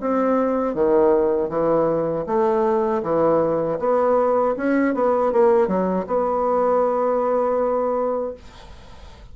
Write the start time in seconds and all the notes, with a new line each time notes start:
0.00 C4
0.74 D#3
1.49 E3
2.26 A3
3.02 E3
3.79 B3
4.56 C#4
4.94 B3
5.32 A#3
5.67 F#3
6.06 B3